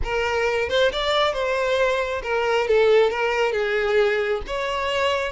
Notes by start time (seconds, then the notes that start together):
0.03 A#4
0.69 C5
0.92 D5
1.33 C5
2.23 A#4
2.67 A4
3.10 A#4
3.52 G#4
4.46 C#5